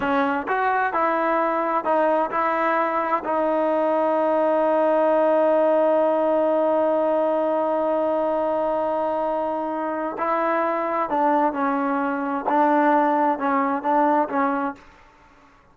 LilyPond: \new Staff \with { instrumentName = "trombone" } { \time 4/4 \tempo 4 = 130 cis'4 fis'4 e'2 | dis'4 e'2 dis'4~ | dis'1~ | dis'1~ |
dis'1~ | dis'2 e'2 | d'4 cis'2 d'4~ | d'4 cis'4 d'4 cis'4 | }